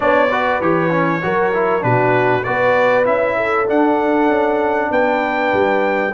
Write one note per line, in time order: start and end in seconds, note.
0.00 0.60 B3
0.00 0.27 D4
0.00 0.30 C#5
0.00 0.61 D5
0.30 0.62 F#4
0.30 1.22 B4
0.60 1.22 E3
0.60 0.90 G4
0.60 1.83 C#5
0.90 1.21 C#4
1.22 1.83 F#3
1.22 1.53 F#4
1.22 1.84 A#4
1.53 1.80 E4
1.80 2.45 B2
1.80 2.42 D4
1.80 2.44 F#4
1.80 2.43 B4
2.43 3.07 B3
2.43 3.05 F#4
2.43 3.36 B4
2.43 3.04 D5
3.05 3.68 C#4
3.05 3.66 E4
3.05 3.67 E5
3.36 4.89 A4
3.66 6.11 D4
3.66 4.28 D4
3.66 4.92 F#5
4.28 4.90 C#4
4.91 5.52 B3
4.91 6.13 B4
4.91 6.13 G5
5.53 6.13 G3